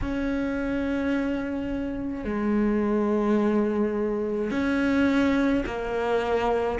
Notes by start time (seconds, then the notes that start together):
0.01 C#4
2.24 G#3
4.50 C#4
5.66 A#3